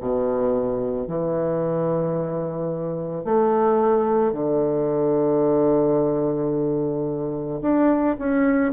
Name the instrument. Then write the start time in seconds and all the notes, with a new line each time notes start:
bassoon
0.00 B2
1.07 E3
3.24 A3
4.32 D3
7.61 D4
8.18 C#4